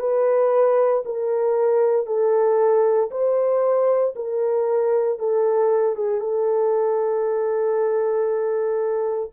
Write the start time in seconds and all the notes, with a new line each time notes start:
0.00 B4
1.06 A#4
2.07 A4
3.11 C5
4.16 A#4
5.19 A4
5.96 G#4
6.21 A4